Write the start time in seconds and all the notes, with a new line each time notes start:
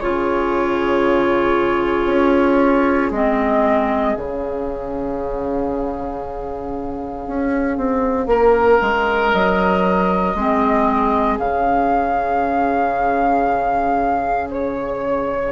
0.00 C#3 F4 G#4 C#5
2.07 C#4
3.11 G#3 C4 D#5
4.15 C#3 C#4 F5
7.27 C#4
7.77 C4
8.27 A#3 A#4
8.81 G#3
9.32 F#3 D#5
10.35 G#3 C4 G#4
11.39 C#3 C#4 F5
14.50 C#5